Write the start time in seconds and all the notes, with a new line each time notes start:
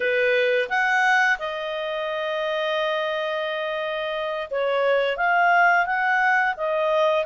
0.00 B4
0.69 F#5
1.38 D#5
4.50 C#5
5.17 F5
5.86 F#5
6.56 D#5